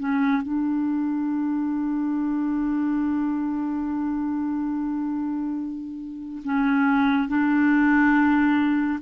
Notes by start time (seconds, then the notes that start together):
0.00 C#4
0.43 D4
6.45 C#4
7.29 D4